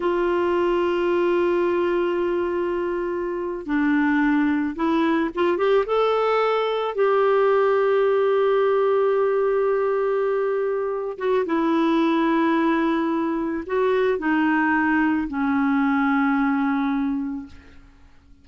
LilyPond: \new Staff \with { instrumentName = "clarinet" } { \time 4/4 \tempo 4 = 110 f'1~ | f'2~ f'8. d'4~ d'16~ | d'8. e'4 f'8 g'8 a'4~ a'16~ | a'8. g'2.~ g'16~ |
g'1~ | g'8 fis'8 e'2.~ | e'4 fis'4 dis'2 | cis'1 | }